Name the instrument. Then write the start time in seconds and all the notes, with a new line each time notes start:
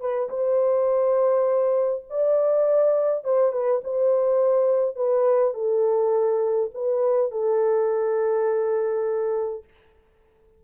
horn
0.00 B4
0.29 C5
2.10 D5
3.24 C5
3.52 B4
3.84 C5
4.96 B4
5.54 A4
6.74 B4
7.31 A4